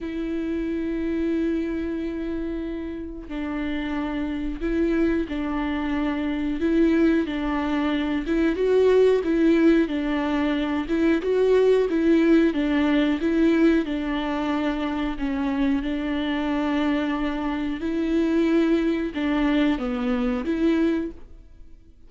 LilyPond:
\new Staff \with { instrumentName = "viola" } { \time 4/4 \tempo 4 = 91 e'1~ | e'4 d'2 e'4 | d'2 e'4 d'4~ | d'8 e'8 fis'4 e'4 d'4~ |
d'8 e'8 fis'4 e'4 d'4 | e'4 d'2 cis'4 | d'2. e'4~ | e'4 d'4 b4 e'4 | }